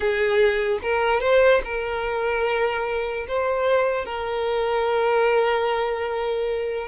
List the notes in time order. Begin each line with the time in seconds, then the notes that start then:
0.00 G#4
0.82 A#4
1.20 C5
1.64 A#4
3.27 C5
4.05 A#4